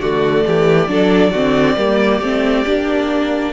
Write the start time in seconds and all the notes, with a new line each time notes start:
0.00 D3 A3 F#4 D5
0.47 E3 G4
0.88 F#3 D4 A4
1.31 D3 C4 F#4
1.77 G3 A#3 G4
2.21 A3 C4
2.66 A#3 D4